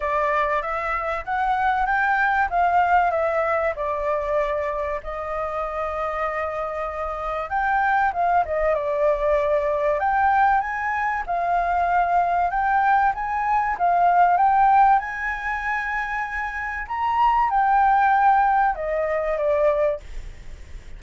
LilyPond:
\new Staff \with { instrumentName = "flute" } { \time 4/4 \tempo 4 = 96 d''4 e''4 fis''4 g''4 | f''4 e''4 d''2 | dis''1 | g''4 f''8 dis''8 d''2 |
g''4 gis''4 f''2 | g''4 gis''4 f''4 g''4 | gis''2. ais''4 | g''2 dis''4 d''4 | }